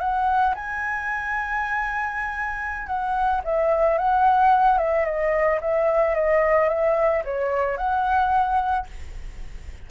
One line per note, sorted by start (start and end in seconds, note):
0.00 0.55 F#5
0.55 2.87 G#5
2.87 3.41 F#5
3.44 3.98 E5
3.98 4.78 F#5
4.78 5.05 E5
5.05 5.60 D#5
5.61 6.15 E5
6.15 6.69 D#5
6.69 7.23 E5
7.24 7.77 C#5
7.77 8.86 F#5